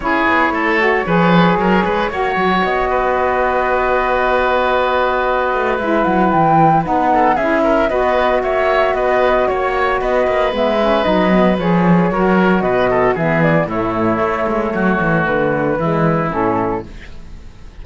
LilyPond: <<
  \new Staff \with { instrumentName = "flute" } { \time 4/4 \tempo 4 = 114 cis''1~ | cis''4 dis''2.~ | dis''2. e''8 fis''8 | g''4 fis''4 e''4 dis''4 |
e''4 dis''4 cis''4 dis''4 | e''4 dis''4 cis''2 | dis''4 e''8 d''8 cis''2~ | cis''4 b'2 a'4 | }
  \new Staff \with { instrumentName = "oboe" } { \time 4/4 gis'4 a'4 b'4 ais'8 b'8 | cis''4. b'2~ b'8~ | b'1~ | b'4. a'8 gis'8 ais'8 b'4 |
cis''4 b'4 cis''4 b'4~ | b'2. ais'4 | b'8 a'8 gis'4 e'2 | fis'2 e'2 | }
  \new Staff \with { instrumentName = "saxophone" } { \time 4/4 e'4. fis'8 gis'2 | fis'1~ | fis'2. e'4~ | e'4 dis'4 e'4 fis'4~ |
fis'1 | b8 cis'8 dis'8 b8 gis'4 fis'4~ | fis'4 b4 a2~ | a2 gis4 cis'4 | }
  \new Staff \with { instrumentName = "cello" } { \time 4/4 cis'8 b8 a4 f4 fis8 gis8 | ais8 fis8 b2.~ | b2~ b8 a8 gis8 fis8 | e4 b4 cis'4 b4 |
ais4 b4 ais4 b8 ais8 | gis4 fis4 f4 fis4 | b,4 e4 a,4 a8 gis8 | fis8 e8 d4 e4 a,4 | }
>>